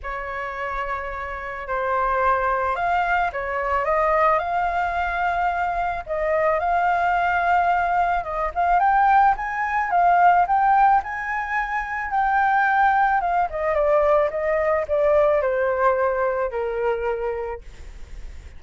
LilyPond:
\new Staff \with { instrumentName = "flute" } { \time 4/4 \tempo 4 = 109 cis''2. c''4~ | c''4 f''4 cis''4 dis''4 | f''2. dis''4 | f''2. dis''8 f''8 |
g''4 gis''4 f''4 g''4 | gis''2 g''2 | f''8 dis''8 d''4 dis''4 d''4 | c''2 ais'2 | }